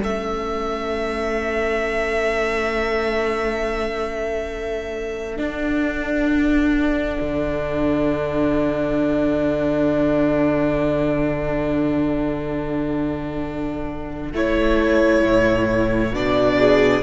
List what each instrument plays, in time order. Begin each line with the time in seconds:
0.00 cello A3, viola C#4, violin A4 E5
5.37 viola D4, cello D4, violin F#5
7.21 cello D3
14.34 cello A3, viola E4, violin C#5
15.25 cello A2
16.12 cello B2, viola D4, violin D5
16.59 violin G#4